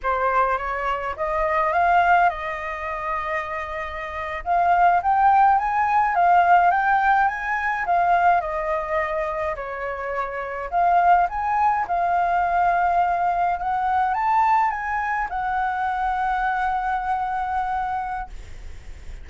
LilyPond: \new Staff \with { instrumentName = "flute" } { \time 4/4 \tempo 4 = 105 c''4 cis''4 dis''4 f''4 | dis''2.~ dis''8. f''16~ | f''8. g''4 gis''4 f''4 g''16~ | g''8. gis''4 f''4 dis''4~ dis''16~ |
dis''8. cis''2 f''4 gis''16~ | gis''8. f''2. fis''16~ | fis''8. a''4 gis''4 fis''4~ fis''16~ | fis''1 | }